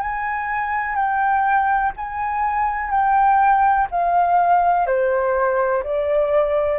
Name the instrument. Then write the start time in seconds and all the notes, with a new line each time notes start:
flute
0.00 G#5
0.95 G5
1.97 G#5
2.90 G5
3.91 F5
4.87 C5
5.83 D5